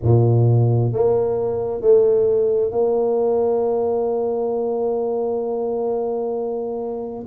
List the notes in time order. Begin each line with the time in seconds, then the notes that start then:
0.02 A#2
0.93 A#3
1.81 A3
2.71 A#3